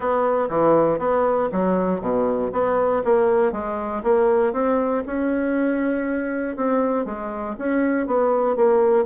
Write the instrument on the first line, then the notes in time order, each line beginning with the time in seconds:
bassoon
0.00 B3
0.49 E3
0.98 B3
1.52 F#3
2.00 B2
2.52 B3
3.04 A#3
3.52 G#3
4.03 A#3
4.52 C4
5.06 C#4
6.56 C4
7.05 G#3
7.58 C#4
8.06 B3
8.56 A#3